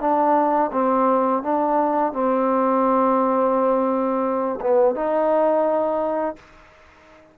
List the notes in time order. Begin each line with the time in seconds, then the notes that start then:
0.00 D4
0.72 C4
1.42 D4
2.12 C4
4.60 B3
4.95 D#4